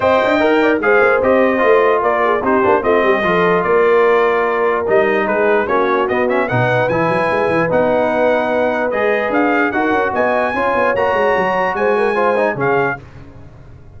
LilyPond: <<
  \new Staff \with { instrumentName = "trumpet" } { \time 4/4 \tempo 4 = 148 g''2 f''4 dis''4~ | dis''4 d''4 c''4 dis''4~ | dis''4 d''2. | dis''4 b'4 cis''4 dis''8 e''8 |
fis''4 gis''2 fis''4~ | fis''2 dis''4 f''4 | fis''4 gis''2 ais''4~ | ais''4 gis''2 f''4 | }
  \new Staff \with { instrumentName = "horn" } { \time 4/4 dis''4. d''8 c''2~ | c''4 ais'8 gis'8 g'4 f'8 g'8 | a'4 ais'2.~ | ais'4 gis'4 fis'2 |
b'1~ | b'1 | ais'4 dis''4 cis''2~ | cis''4 c''8 ais'8 c''4 gis'4 | }
  \new Staff \with { instrumentName = "trombone" } { \time 4/4 c''4 ais'4 gis'4 g'4 | f'2 dis'8 d'8 c'4 | f'1 | dis'2 cis'4 b8 cis'8 |
dis'4 e'2 dis'4~ | dis'2 gis'2 | fis'2 f'4 fis'4~ | fis'2 f'8 dis'8 cis'4 | }
  \new Staff \with { instrumentName = "tuba" } { \time 4/4 c'8 d'8 dis'4 gis8 ais8 c'4 | a4 ais4 c'8 ais8 a8 g8 | f4 ais2. | g4 gis4 ais4 b4 |
b,4 e8 fis8 gis8 e8 b4~ | b2 gis4 d'4 | dis'8 cis'8 b4 cis'8 b8 ais8 gis8 | fis4 gis2 cis4 | }
>>